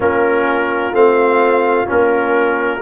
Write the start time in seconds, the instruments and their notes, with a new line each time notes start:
0.00 tuba A#3, trombone C#4, horn F4, trumpet A#4
0.92 tuba A3, trombone C4, trumpet F5
1.86 tuba A#3, trombone C#4, trumpet A#4